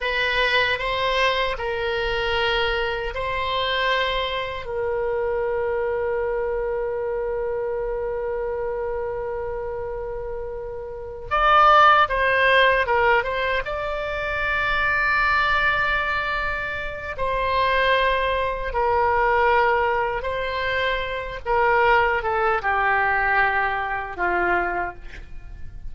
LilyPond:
\new Staff \with { instrumentName = "oboe" } { \time 4/4 \tempo 4 = 77 b'4 c''4 ais'2 | c''2 ais'2~ | ais'1~ | ais'2~ ais'8 d''4 c''8~ |
c''8 ais'8 c''8 d''2~ d''8~ | d''2 c''2 | ais'2 c''4. ais'8~ | ais'8 a'8 g'2 f'4 | }